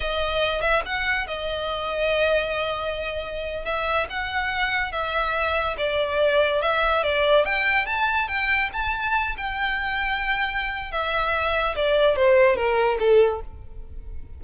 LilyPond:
\new Staff \with { instrumentName = "violin" } { \time 4/4 \tempo 4 = 143 dis''4. e''8 fis''4 dis''4~ | dis''1~ | dis''8. e''4 fis''2 e''16~ | e''4.~ e''16 d''2 e''16~ |
e''8. d''4 g''4 a''4 g''16~ | g''8. a''4. g''4.~ g''16~ | g''2 e''2 | d''4 c''4 ais'4 a'4 | }